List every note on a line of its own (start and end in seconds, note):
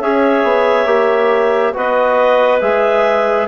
0.00 0.43 C#4
0.00 0.86 G#4
0.00 1.74 C#5
0.00 1.74 E5
0.43 0.86 B3
0.86 1.73 A#3
0.86 1.73 G4
1.73 2.61 B3
1.73 2.60 F#4
1.73 3.48 B4
1.73 2.61 D#5
2.61 3.48 G#3
2.61 3.48 G#4
2.61 3.48 E5